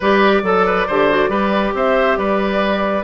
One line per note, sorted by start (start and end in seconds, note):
0.00 0.42 G3
0.00 0.43 G4
0.00 0.42 B4
0.00 1.75 D5
0.42 0.86 F#3
0.42 0.86 A4
0.42 0.66 A4
0.66 0.87 B4
0.87 1.28 D3
0.87 1.10 G4
0.87 1.30 C5
1.10 1.29 F#4
1.28 1.72 G3
1.28 3.03 G4
1.28 1.73 B4
1.73 2.17 C4
1.73 2.18 C5
1.73 2.17 E5
2.17 3.04 G3
2.17 3.04 B4
2.17 3.04 D5